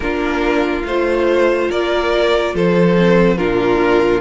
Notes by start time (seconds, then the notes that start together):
0.00 A#3 D4 F4 A#4
0.83 A3 F4 C5
1.69 A#3 A#4 D5
2.54 F3 A4 C5
2.97 C4
3.37 A#2 D4 F4 A#4